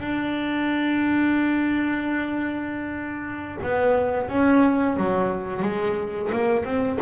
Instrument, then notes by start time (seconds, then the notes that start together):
double bass
0.00 D4
3.63 B3
4.29 C#4
4.97 F#3
5.63 G#3
6.32 A#3
6.65 C4